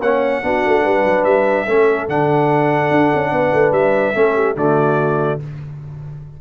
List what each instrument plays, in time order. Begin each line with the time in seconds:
0.00 tuba A#3, trombone C#4, horn C#5, trumpet F#5
0.42 tuba B3, trombone D4, horn F#4
0.66 tuba A3
0.82 tuba G3, horn B4
1.04 tuba F#3
1.24 tuba G3, trumpet E5
1.66 tuba A3, trombone C#4, horn A4
2.08 tuba D3, trombone D4, trumpet F#5
2.91 tuba D4
3.14 tuba C#4
3.32 tuba B3, horn B4
3.53 tuba A3
3.72 tuba G3, trumpet E5
4.14 tuba A3, trombone C#4, horn A4
4.35 horn G4
4.55 tuba D3, trombone A3, horn F#4, trumpet D5